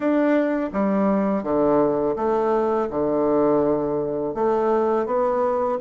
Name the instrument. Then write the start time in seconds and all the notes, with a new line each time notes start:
bassoon
0.00 D4
0.72 G3
1.43 D3
2.16 A3
2.89 D3
4.34 A3
5.06 B3